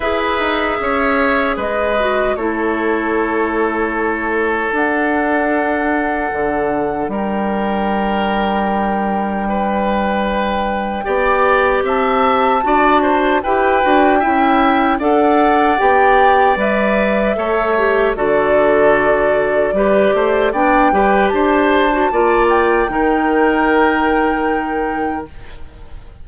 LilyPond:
<<
  \new Staff \with { instrumentName = "flute" } { \time 4/4 \tempo 4 = 76 e''2 dis''4 cis''4~ | cis''2 fis''2~ | fis''4 g''2.~ | g''2. a''4~ |
a''4 g''2 fis''4 | g''4 e''2 d''4~ | d''2 g''4 a''4~ | a''8 g''2.~ g''8 | }
  \new Staff \with { instrumentName = "oboe" } { \time 4/4 b'4 cis''4 b'4 a'4~ | a'1~ | a'4 ais'2. | b'2 d''4 e''4 |
d''8 c''8 b'4 e''4 d''4~ | d''2 cis''4 a'4~ | a'4 b'8 c''8 d''8 b'8 c''4 | d''4 ais'2. | }
  \new Staff \with { instrumentName = "clarinet" } { \time 4/4 gis'2~ gis'8 fis'8 e'4~ | e'2 d'2~ | d'1~ | d'2 g'2 |
fis'4 g'8 fis'8 e'4 a'4 | g'4 b'4 a'8 g'8 fis'4~ | fis'4 g'4 d'8 g'4~ g'16 fis'16 | f'4 dis'2. | }
  \new Staff \with { instrumentName = "bassoon" } { \time 4/4 e'8 dis'8 cis'4 gis4 a4~ | a2 d'2 | d4 g2.~ | g2 b4 c'4 |
d'4 e'8 d'8 cis'4 d'4 | b4 g4 a4 d4~ | d4 g8 a8 b8 g8 d'4 | ais4 dis2. | }
>>